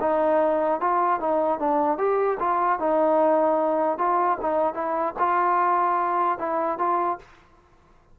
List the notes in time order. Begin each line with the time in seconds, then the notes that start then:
0.00 D#4
0.80 F4
1.20 D#4
1.59 D4
1.98 G4
2.39 F4
2.79 D#4
3.98 F4
4.41 D#4
4.74 E4
5.19 F4
6.38 E4
6.78 F4